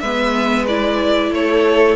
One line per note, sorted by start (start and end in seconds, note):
0.00 1.31 G#3
0.00 0.69 B3
0.00 1.32 B4
0.00 0.65 E5
0.68 1.96 E4
0.68 1.33 D5
1.31 1.96 A3
1.31 1.96 A4
1.31 1.96 C#5